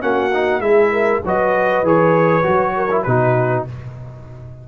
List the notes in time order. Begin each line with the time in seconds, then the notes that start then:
0.00 A#3 C#4 F#4 F#5
0.33 D#4
0.59 G#3 E4 G#4 E5
0.92 A#4
1.23 F#3 F#4 B4 D#5
1.82 E3 G#4 C#5
2.42 F#3 F#4
2.76 A#4
2.90 E4
3.02 B2 D#4 F#4 B4